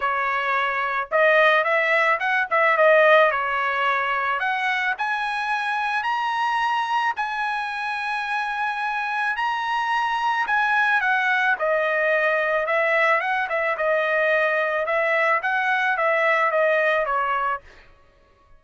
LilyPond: \new Staff \with { instrumentName = "trumpet" } { \time 4/4 \tempo 4 = 109 cis''2 dis''4 e''4 | fis''8 e''8 dis''4 cis''2 | fis''4 gis''2 ais''4~ | ais''4 gis''2.~ |
gis''4 ais''2 gis''4 | fis''4 dis''2 e''4 | fis''8 e''8 dis''2 e''4 | fis''4 e''4 dis''4 cis''4 | }